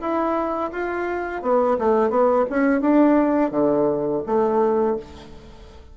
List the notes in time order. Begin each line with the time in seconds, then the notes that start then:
0.00 E4
0.72 F4
1.42 B3
1.78 A3
2.10 B3
2.50 C#4
2.81 D4
3.51 D3
4.26 A3